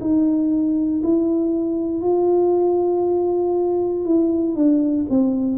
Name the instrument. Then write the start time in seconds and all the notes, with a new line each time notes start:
tuba
0.00 D#4
1.03 E4
2.01 F4
4.05 E4
4.54 D4
5.09 C4